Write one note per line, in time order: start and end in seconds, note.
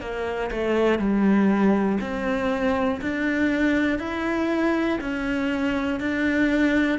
0.00 0.50 A#3
0.50 0.98 A3
0.98 1.98 G3
2.00 3.00 C4
3.01 3.99 D4
3.99 4.99 E4
5.00 6.00 C#4
6.00 6.98 D4